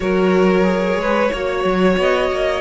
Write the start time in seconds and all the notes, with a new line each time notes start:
0.00 F#3 F#4 A#4 C#5
0.63 G#4
0.96 G#3 B4
1.32 A#3 F#4 C#5
1.64 F#3
1.97 B3 D#5
2.31 A#3